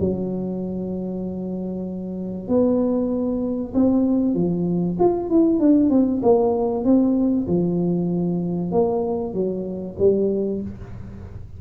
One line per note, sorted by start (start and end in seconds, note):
0.00 2.48 F#3
2.48 3.73 B3
3.74 4.34 C4
4.34 4.97 F3
4.99 5.30 F4
5.30 5.59 E4
5.59 5.90 D4
5.90 6.21 C4
6.22 6.84 A#3
6.84 7.47 C4
7.47 8.71 F3
8.71 9.33 A#3
9.33 9.96 F#3
9.99 10.61 G3